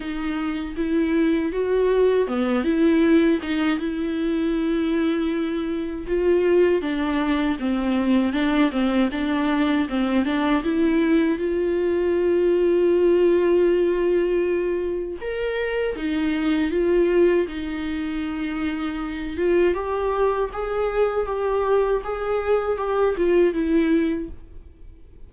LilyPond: \new Staff \with { instrumentName = "viola" } { \time 4/4 \tempo 4 = 79 dis'4 e'4 fis'4 b8 e'8~ | e'8 dis'8 e'2. | f'4 d'4 c'4 d'8 c'8 | d'4 c'8 d'8 e'4 f'4~ |
f'1 | ais'4 dis'4 f'4 dis'4~ | dis'4. f'8 g'4 gis'4 | g'4 gis'4 g'8 f'8 e'4 | }